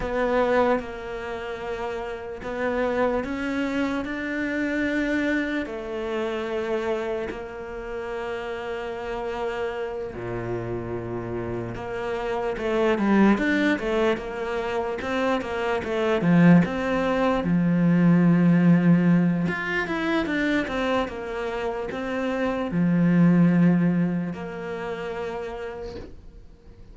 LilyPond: \new Staff \with { instrumentName = "cello" } { \time 4/4 \tempo 4 = 74 b4 ais2 b4 | cis'4 d'2 a4~ | a4 ais2.~ | ais8 ais,2 ais4 a8 |
g8 d'8 a8 ais4 c'8 ais8 a8 | f8 c'4 f2~ f8 | f'8 e'8 d'8 c'8 ais4 c'4 | f2 ais2 | }